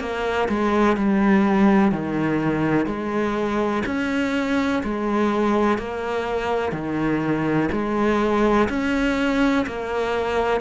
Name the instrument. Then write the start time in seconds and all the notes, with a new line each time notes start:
cello
0.00 A#3
0.49 G#3
0.97 G3
1.92 D#3
2.86 G#3
3.86 C#4
4.84 G#3
5.78 A#3
6.73 D#3
7.72 G#3
8.69 C#4
9.67 A#3